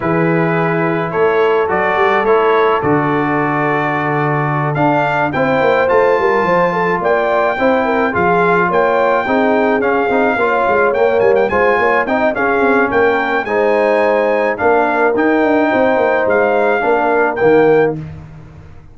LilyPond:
<<
  \new Staff \with { instrumentName = "trumpet" } { \time 4/4 \tempo 4 = 107 b'2 cis''4 d''4 | cis''4 d''2.~ | d''8 f''4 g''4 a''4.~ | a''8 g''2 f''4 g''8~ |
g''4. f''2 g''8 | gis''16 g''16 gis''4 g''8 f''4 g''4 | gis''2 f''4 g''4~ | g''4 f''2 g''4 | }
  \new Staff \with { instrumentName = "horn" } { \time 4/4 gis'2 a'2~ | a'1~ | a'4. c''4. ais'8 c''8 | a'8 d''4 c''8 ais'8 gis'4 cis''8~ |
cis''8 gis'2 cis''4.~ | cis''8 c''8 cis''8 dis''8 gis'4 ais'4 | c''2 ais'2 | c''2 ais'2 | }
  \new Staff \with { instrumentName = "trombone" } { \time 4/4 e'2. fis'4 | e'4 fis'2.~ | fis'8 d'4 e'4 f'4.~ | f'4. e'4 f'4.~ |
f'8 dis'4 cis'8 dis'8 f'4 ais8~ | ais8 f'4 dis'8 cis'2 | dis'2 d'4 dis'4~ | dis'2 d'4 ais4 | }
  \new Staff \with { instrumentName = "tuba" } { \time 4/4 e2 a4 fis8 g8 | a4 d2.~ | d8 d'4 c'8 ais8 a8 g8 f8~ | f8 ais4 c'4 f4 ais8~ |
ais8 c'4 cis'8 c'8 ais8 gis8 ais8 | g8 gis8 ais8 c'8 cis'8 c'8 ais4 | gis2 ais4 dis'8 d'8 | c'8 ais8 gis4 ais4 dis4 | }
>>